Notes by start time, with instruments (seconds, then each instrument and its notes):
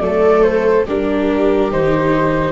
0.00 tuba F#3, viola A3 A4, flute D5
0.43 flute C5
0.86 tuba G3, viola D4 G4, flute A#4
1.71 tuba D#3, viola D#4, flute C5